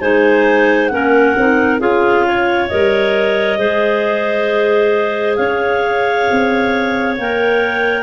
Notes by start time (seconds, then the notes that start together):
0.00 G#3 D#4 C5 G#5
0.88 A#3 C#4 A#4 F#5
1.37 C4 D#4
1.80 C#4 F4 G#4 F5
2.27 C#5
2.68 G3 A#4 D#5
3.58 G#3 G#4 C5
5.36 C#4 C#5 F5
6.31 C4
7.18 A#3 A#4 G5